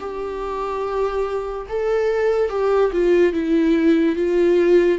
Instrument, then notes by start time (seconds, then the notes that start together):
viola
0.00 G4
1.69 A4
2.50 G4
2.92 F4
3.33 E4
4.16 F4